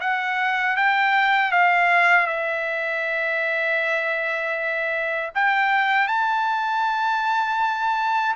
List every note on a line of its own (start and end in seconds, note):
0.00 0.76 F#5
0.76 1.52 G5
1.52 2.27 F5
2.27 5.31 E5
5.34 6.07 G5
6.07 8.35 A5